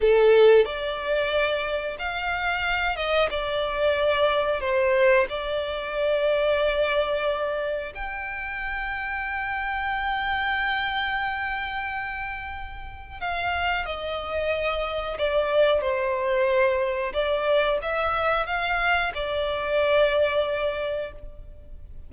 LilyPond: \new Staff \with { instrumentName = "violin" } { \time 4/4 \tempo 4 = 91 a'4 d''2 f''4~ | f''8 dis''8 d''2 c''4 | d''1 | g''1~ |
g''1 | f''4 dis''2 d''4 | c''2 d''4 e''4 | f''4 d''2. | }